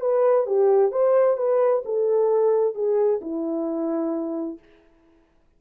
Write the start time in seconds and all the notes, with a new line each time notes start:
0.00 B4
0.46 G4
0.91 C5
1.37 B4
1.85 A4
2.74 G#4
3.21 E4